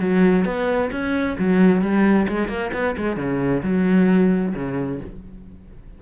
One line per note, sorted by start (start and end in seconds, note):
0.00 0.45 F#3
0.45 0.91 B3
0.92 1.37 C#4
1.39 1.82 F#3
1.82 2.27 G3
2.29 2.48 G#3
2.48 2.71 A#3
2.73 2.96 B3
2.97 3.17 G#3
3.17 3.62 C#3
3.63 4.54 F#3
4.55 5.01 C#3